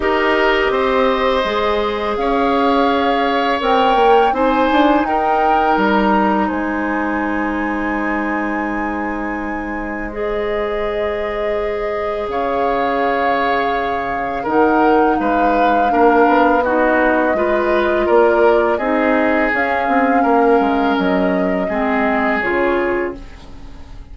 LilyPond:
<<
  \new Staff \with { instrumentName = "flute" } { \time 4/4 \tempo 4 = 83 dis''2. f''4~ | f''4 g''4 gis''4 g''4 | ais''4 gis''2.~ | gis''2 dis''2~ |
dis''4 f''2. | fis''4 f''2 dis''4~ | dis''4 d''4 dis''4 f''4~ | f''4 dis''2 cis''4 | }
  \new Staff \with { instrumentName = "oboe" } { \time 4/4 ais'4 c''2 cis''4~ | cis''2 c''4 ais'4~ | ais'4 c''2.~ | c''1~ |
c''4 cis''2. | ais'4 b'4 ais'4 fis'4 | b'4 ais'4 gis'2 | ais'2 gis'2 | }
  \new Staff \with { instrumentName = "clarinet" } { \time 4/4 g'2 gis'2~ | gis'4 ais'4 dis'2~ | dis'1~ | dis'2 gis'2~ |
gis'1 | dis'2 d'4 dis'4 | f'2 dis'4 cis'4~ | cis'2 c'4 f'4 | }
  \new Staff \with { instrumentName = "bassoon" } { \time 4/4 dis'4 c'4 gis4 cis'4~ | cis'4 c'8 ais8 c'8 d'8 dis'4 | g4 gis2.~ | gis1~ |
gis4 cis2. | dis4 gis4 ais8 b4. | gis4 ais4 c'4 cis'8 c'8 | ais8 gis8 fis4 gis4 cis4 | }
>>